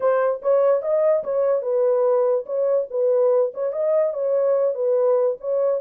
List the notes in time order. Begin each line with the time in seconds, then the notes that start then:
0.00 C5
0.42 C#5
0.81 D#5
1.23 C#5
1.62 B4
2.46 C#5
2.90 B4
3.53 C#5
3.72 D#5
4.13 C#5
4.74 B4
5.40 C#5